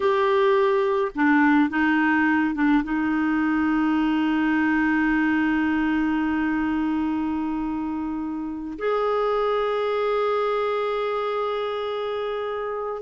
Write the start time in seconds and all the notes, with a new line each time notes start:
0.00 G4
1.15 D4
1.69 D#4
2.54 D4
2.83 D#4
8.78 G#4